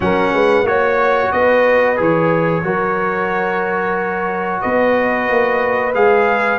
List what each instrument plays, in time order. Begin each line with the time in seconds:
0.00 tuba F#3, trombone C#4, horn A#4, trumpet F#5
0.33 tuba G#3, horn B4
0.63 tuba A#3, trombone F#4, trumpet C#5, horn C#5
1.32 tuba B3, horn B4, trumpet D#5
1.96 tuba E3, trombone G#4, trumpet C#5
2.63 tuba F#3, trombone F#4, horn A#4
4.61 tuba B3, horn B4, trumpet D#5
5.30 tuba A#3
5.94 tuba G#3, trombone G#4, trumpet F5